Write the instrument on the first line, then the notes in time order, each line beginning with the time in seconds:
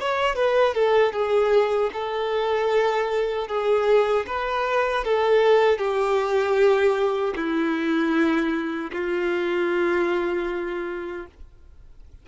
violin
0.00 C#5
0.36 B4
0.74 A4
1.13 G#4
1.93 A4
3.48 G#4
4.27 B4
5.04 A4
5.78 G4
7.36 E4
8.93 F4